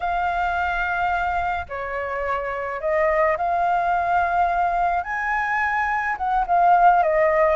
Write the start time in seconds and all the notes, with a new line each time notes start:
0.00 F5
1.68 C#5
2.80 D#5
3.37 F5
5.03 G#5
6.17 F#5
6.46 F5
7.02 D#5